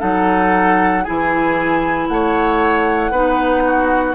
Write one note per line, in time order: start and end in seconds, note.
0.00 1.06 F#3
0.00 1.03 D#4
0.00 1.04 A4
0.00 1.04 F#5
1.04 2.09 E3
1.04 3.13 E4
1.04 2.07 G#4
1.04 2.08 G#5
2.09 3.11 A3
2.09 3.12 C#5
2.09 4.15 F#5
3.11 4.15 B3
3.11 4.15 D#4
3.11 3.63 B4
3.65 4.15 F#4